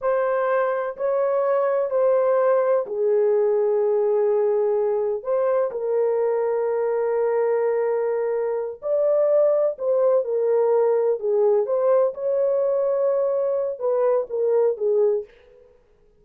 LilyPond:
\new Staff \with { instrumentName = "horn" } { \time 4/4 \tempo 4 = 126 c''2 cis''2 | c''2 gis'2~ | gis'2. c''4 | ais'1~ |
ais'2~ ais'8 d''4.~ | d''8 c''4 ais'2 gis'8~ | gis'8 c''4 cis''2~ cis''8~ | cis''4 b'4 ais'4 gis'4 | }